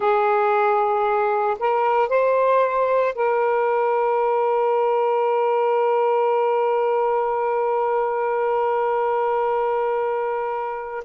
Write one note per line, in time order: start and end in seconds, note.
0.00 1.57 G#4
1.59 2.09 A#4
2.09 3.14 C5
3.14 11.04 A#4